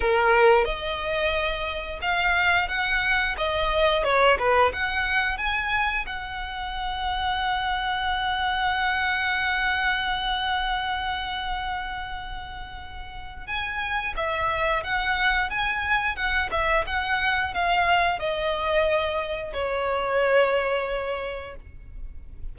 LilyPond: \new Staff \with { instrumentName = "violin" } { \time 4/4 \tempo 4 = 89 ais'4 dis''2 f''4 | fis''4 dis''4 cis''8 b'8 fis''4 | gis''4 fis''2.~ | fis''1~ |
fis''1 | gis''4 e''4 fis''4 gis''4 | fis''8 e''8 fis''4 f''4 dis''4~ | dis''4 cis''2. | }